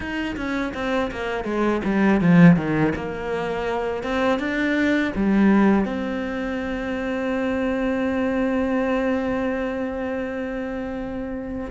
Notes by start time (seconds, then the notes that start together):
0.00 D#4
0.36 C#4
0.74 C4
1.11 A#3
1.44 G#3
1.84 G3
2.21 F3
2.56 D#3
2.95 A#3
4.03 C4
4.39 D4
5.15 G3
5.85 C4